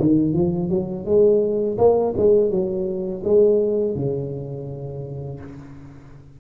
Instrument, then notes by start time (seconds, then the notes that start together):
tuba
0.00 D#3
0.34 F3
0.70 F#3
1.06 G#3
1.78 A#3
2.18 G#3
2.51 F#3
3.25 G#3
3.96 C#3